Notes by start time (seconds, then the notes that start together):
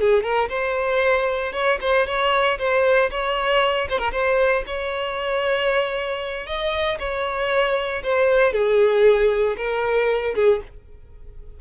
0.00 G#4
0.23 A#4
0.49 C5
1.52 C#5
1.81 C5
2.06 C#5
2.58 C5
3.11 C#5
3.89 C5
3.98 A#4
4.12 C5
4.66 C#5
6.46 D#5
6.99 C#5
8.03 C5
8.52 G#4
9.57 A#4
10.35 G#4